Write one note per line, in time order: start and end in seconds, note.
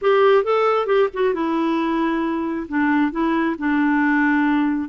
0.01 0.44 G4
0.44 0.86 A4
0.86 1.08 G4
1.13 1.34 F#4
1.34 2.67 E4
2.68 3.11 D4
3.11 3.56 E4
3.58 4.88 D4